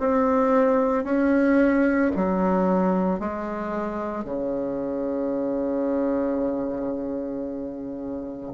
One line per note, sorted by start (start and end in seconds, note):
0.00 1.04 C4
1.04 2.11 C#4
2.16 3.19 F#3
3.19 4.24 G#3
4.24 8.53 C#3